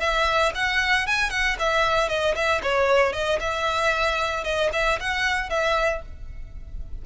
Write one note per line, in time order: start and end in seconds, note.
0.00 0.52 E5
0.55 1.07 F#5
1.07 1.30 G#5
1.30 1.56 F#5
1.59 2.09 E5
2.09 2.35 D#5
2.35 2.61 E5
2.63 3.13 C#5
3.13 3.39 D#5
3.40 4.44 E5
4.44 4.70 D#5
4.73 4.99 E5
5.00 5.50 F#5
5.50 6.02 E5